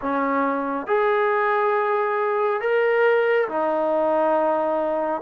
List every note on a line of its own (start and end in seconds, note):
0.01 0.87 C#4
0.87 2.60 G#4
2.60 3.47 A#4
3.48 5.21 D#4